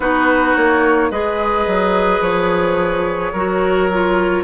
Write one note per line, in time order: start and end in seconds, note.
0.00 0.54 B3
0.00 1.11 D#4
0.00 1.08 F#4
0.00 0.55 B4
0.55 1.10 A#3
0.55 1.10 C#5
1.10 1.66 G#3
1.10 3.34 G#4
1.10 3.32 B4
1.10 2.22 D#5
1.66 2.20 F#3
2.20 3.31 F3
2.20 4.44 C#5
3.32 4.44 F#3
3.32 3.91 F#4
3.32 4.44 A#4
3.92 4.44 F4